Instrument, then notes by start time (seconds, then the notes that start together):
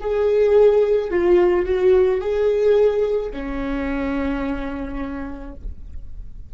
viola
0.00 G#4
1.10 F4
1.65 F#4
2.20 G#4
3.31 C#4